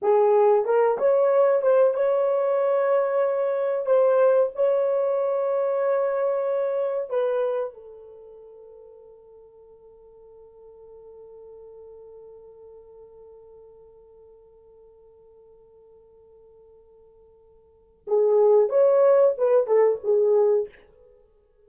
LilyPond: \new Staff \with { instrumentName = "horn" } { \time 4/4 \tempo 4 = 93 gis'4 ais'8 cis''4 c''8 cis''4~ | cis''2 c''4 cis''4~ | cis''2. b'4 | a'1~ |
a'1~ | a'1~ | a'1 | gis'4 cis''4 b'8 a'8 gis'4 | }